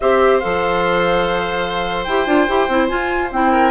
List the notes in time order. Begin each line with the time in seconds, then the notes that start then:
0.00 C4 G4 C5 E5
0.39 F3 A4 F5
2.04 E4 G4 G5
2.26 D4 F4
2.48 E4 G4
2.68 C4 E4
2.88 F4 G#5
3.31 C4 E4 G5
3.51 A#4